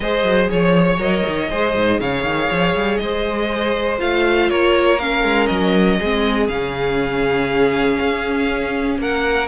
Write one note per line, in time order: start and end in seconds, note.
0.00 0.23 G#3
0.00 0.98 G#4
0.00 0.50 C5
0.00 0.47 D#5
0.23 0.48 F#3
0.50 0.97 F3
0.50 1.50 C#5
0.50 1.01 C#5
0.97 1.22 F#3
0.97 1.48 A#4
0.97 2.00 D#5
1.26 1.51 D#3
1.49 1.75 G#3
1.49 3.98 G#4
1.49 2.00 C5
1.75 2.00 G#2
2.00 2.23 C#3
2.00 3.01 C#5
2.00 2.97 F5
2.23 2.48 D#3
2.50 2.74 F3
2.74 2.99 G3
2.97 4.00 G#3
2.97 4.50 C5
2.97 3.97 D#5
3.98 4.51 A3
3.98 4.98 F4
3.98 4.49 F5
4.49 5.23 A#3
4.49 5.99 A#4
4.49 4.99 C#5
4.99 6.00 C#4
4.99 5.46 F5
5.23 5.48 G#3
5.46 5.99 F#3
5.46 6.46 D#5
5.99 6.48 G#3
5.99 6.51 C4
5.99 8.99 G#4
6.48 7.98 C#3
6.48 9.47 C#4
6.48 8.98 F5
8.00 8.98 C#4
8.98 9.47 A#3
8.98 9.47 A#4
8.98 9.47 F#5